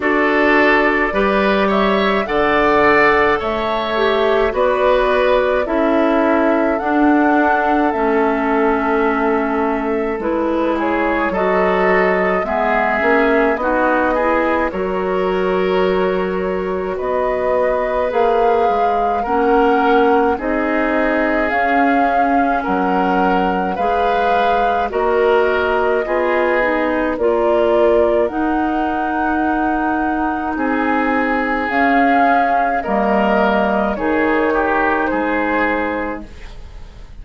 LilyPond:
<<
  \new Staff \with { instrumentName = "flute" } { \time 4/4 \tempo 4 = 53 d''4. e''8 fis''4 e''4 | d''4 e''4 fis''4 e''4~ | e''4 b'8 cis''8 dis''4 e''4 | dis''4 cis''2 dis''4 |
f''4 fis''4 dis''4 f''4 | fis''4 f''4 dis''2 | d''4 fis''2 gis''4 | f''4 dis''4 cis''4 c''4 | }
  \new Staff \with { instrumentName = "oboe" } { \time 4/4 a'4 b'8 cis''8 d''4 cis''4 | b'4 a'2.~ | a'4. gis'8 a'4 gis'4 | fis'8 gis'8 ais'2 b'4~ |
b'4 ais'4 gis'2 | ais'4 b'4 ais'4 gis'4 | ais'2. gis'4~ | gis'4 ais'4 gis'8 g'8 gis'4 | }
  \new Staff \with { instrumentName = "clarinet" } { \time 4/4 fis'4 g'4 a'4. g'8 | fis'4 e'4 d'4 cis'4~ | cis'4 e'4 fis'4 b8 cis'8 | dis'8 e'8 fis'2. |
gis'4 cis'4 dis'4 cis'4~ | cis'4 gis'4 fis'4 f'8 dis'8 | f'4 dis'2. | cis'4 ais4 dis'2 | }
  \new Staff \with { instrumentName = "bassoon" } { \time 4/4 d'4 g4 d4 a4 | b4 cis'4 d'4 a4~ | a4 gis4 fis4 gis8 ais8 | b4 fis2 b4 |
ais8 gis8 ais4 c'4 cis'4 | fis4 gis4 ais4 b4 | ais4 dis'2 c'4 | cis'4 g4 dis4 gis4 | }
>>